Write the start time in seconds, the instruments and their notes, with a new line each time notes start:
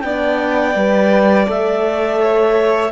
0.00 cello B3, horn D4, violin D5, clarinet G5
0.75 cello G3, horn B4
1.47 cello A3, horn A4, clarinet E5
2.21 violin C#5